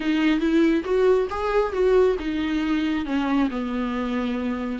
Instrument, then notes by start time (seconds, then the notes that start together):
viola
0.00 D#4
0.39 E4
0.84 F#4
1.29 G#4
1.72 F#4
2.19 D#4
3.05 C#4
3.50 B3